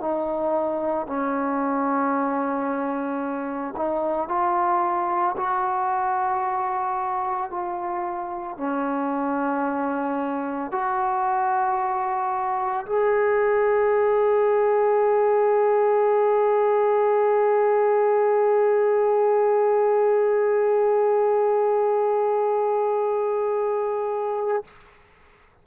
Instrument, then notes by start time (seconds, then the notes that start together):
trombone
0.00 D#4
1.07 C#4
3.76 D#4
4.28 F4
5.37 F#4
7.50 F4
8.57 C#4
10.71 F#4
12.86 G#4